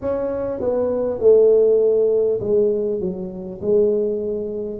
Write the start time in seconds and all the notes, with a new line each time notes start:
0.01 C#4
0.60 B3
1.19 A3
2.40 G#3
3.00 F#3
3.61 G#3